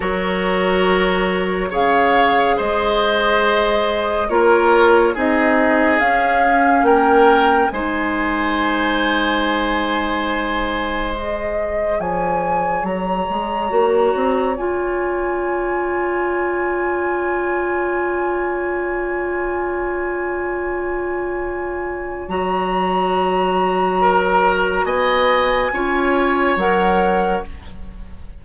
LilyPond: <<
  \new Staff \with { instrumentName = "flute" } { \time 4/4 \tempo 4 = 70 cis''2 f''4 dis''4~ | dis''4 cis''4 dis''4 f''4 | g''4 gis''2.~ | gis''4 dis''4 gis''4 ais''4~ |
ais''4 gis''2.~ | gis''1~ | gis''2 ais''2~ | ais''4 gis''2 fis''4 | }
  \new Staff \with { instrumentName = "oboe" } { \time 4/4 ais'2 cis''4 c''4~ | c''4 ais'4 gis'2 | ais'4 c''2.~ | c''2 cis''2~ |
cis''1~ | cis''1~ | cis''1 | ais'4 dis''4 cis''2 | }
  \new Staff \with { instrumentName = "clarinet" } { \time 4/4 fis'2 gis'2~ | gis'4 f'4 dis'4 cis'4~ | cis'4 dis'2.~ | dis'4 gis'2. |
fis'4 f'2.~ | f'1~ | f'2 fis'2~ | fis'2 f'4 ais'4 | }
  \new Staff \with { instrumentName = "bassoon" } { \time 4/4 fis2 cis4 gis4~ | gis4 ais4 c'4 cis'4 | ais4 gis2.~ | gis2 f4 fis8 gis8 |
ais8 c'8 cis'2.~ | cis'1~ | cis'2 fis2~ | fis4 b4 cis'4 fis4 | }
>>